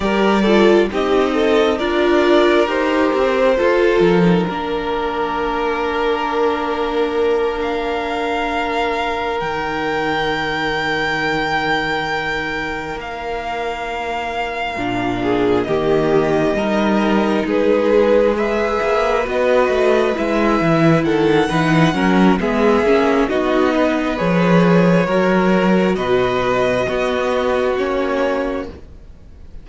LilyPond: <<
  \new Staff \with { instrumentName = "violin" } { \time 4/4 \tempo 4 = 67 d''4 dis''4 d''4 c''4~ | c''8 ais'2.~ ais'8~ | ais'8 f''2 g''4.~ | g''2~ g''8 f''4.~ |
f''4. dis''2 b'8~ | b'8 e''4 dis''4 e''4 fis''8~ | fis''4 e''4 dis''4 cis''4~ | cis''4 dis''2 cis''4 | }
  \new Staff \with { instrumentName = "violin" } { \time 4/4 ais'8 a'8 g'8 a'8 ais'2 | a'4 ais'2.~ | ais'1~ | ais'1~ |
ais'4 gis'8 g'4 ais'4 gis'8~ | gis'8 b'2. a'8 | b'8 ais'8 gis'4 fis'8 b'4. | ais'4 b'4 fis'2 | }
  \new Staff \with { instrumentName = "viola" } { \time 4/4 g'8 f'8 dis'4 f'4 g'4 | f'8. dis'16 d'2.~ | d'2~ d'8 dis'4.~ | dis'1~ |
dis'8 d'4 ais4 dis'4.~ | dis'8 gis'4 fis'4 e'4. | dis'8 cis'8 b8 cis'8 dis'4 gis'4 | fis'2 b4 cis'4 | }
  \new Staff \with { instrumentName = "cello" } { \time 4/4 g4 c'4 d'4 dis'8 c'8 | f'8 f8 ais2.~ | ais2~ ais8 dis4.~ | dis2~ dis8 ais4.~ |
ais8 ais,4 dis4 g4 gis8~ | gis4 ais8 b8 a8 gis8 e8 dis8 | e8 fis8 gis8 ais8 b4 f4 | fis4 b,4 b4 ais4 | }
>>